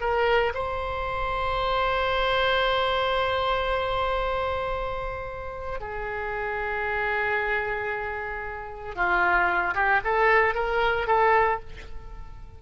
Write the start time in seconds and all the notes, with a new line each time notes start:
0.00 A#4
0.54 C5
5.80 G#4
8.95 F4
9.74 G4
10.04 A4
10.54 A#4
11.07 A4